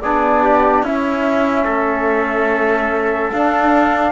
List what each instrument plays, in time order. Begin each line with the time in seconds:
0.00 cello B3, trombone D4, trumpet G#4, flute D5
0.43 trumpet G4
0.83 cello C#4, trombone C#4, trumpet E4, flute E5
1.64 cello A3, trumpet A4
3.31 cello D4, trombone D4, flute F5